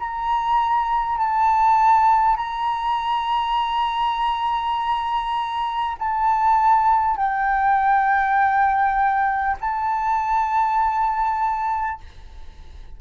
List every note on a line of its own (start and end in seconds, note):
0.00 1.18 A#5
1.18 2.37 A5
2.37 5.97 A#5
5.99 7.17 A5
7.17 9.57 G5
9.61 12.01 A5